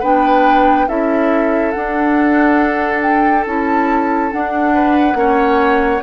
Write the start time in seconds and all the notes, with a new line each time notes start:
0.00 B3 D4 B4 G5
0.88 C#4 E4 A4 E5
1.72 D4 F#5
3.02 G5
3.47 C#4 E4 A5
4.32 D4 F#5
4.74 B4
5.15 A#3 C#4 C#5